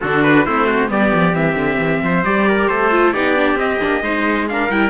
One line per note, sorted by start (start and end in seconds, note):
0.00 0.46 D3
0.00 0.46 D4
0.00 0.45 F#4
0.00 0.23 A4
0.23 0.45 B4
0.45 0.90 A3
0.45 0.87 C4
0.45 0.66 E4
0.45 0.90 C5
0.66 0.89 F#4
0.87 1.12 G3
0.87 1.32 B3
0.87 2.04 G4
0.87 1.35 D5
1.14 1.34 F3
1.33 1.55 E3
1.33 2.22 C4
1.33 2.24 E5
1.55 1.77 D3
1.78 2.01 E3
2.02 2.24 F3
2.02 2.47 C5
2.24 2.69 G3
2.24 2.91 G4
2.24 2.68 D5
2.47 2.69 A#4
2.68 3.14 A3
2.68 3.13 A4
2.68 3.12 C5
2.91 3.13 F4
3.12 3.55 B3
3.12 3.35 D#4
3.12 4.03 G4
3.12 3.57 D5
3.35 3.57 D4
3.55 3.77 C4
3.55 3.80 C4
3.55 4.48 D#5
3.80 4.01 A#3
3.80 4.02 D4
4.01 4.68 G#3
4.01 4.47 D#4
4.01 4.47 C5
4.48 4.70 D4
4.48 4.89 A#4
4.48 4.71 F5
4.69 4.89 G3
4.69 4.89 E4
4.69 4.89 G5